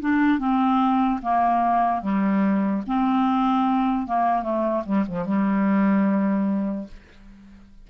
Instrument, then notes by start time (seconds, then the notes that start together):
clarinet
0.00 D4
0.39 C4
1.22 A#3
2.01 G3
2.87 C4
4.07 A#3
4.43 A3
4.85 G3
5.07 F3
5.25 G3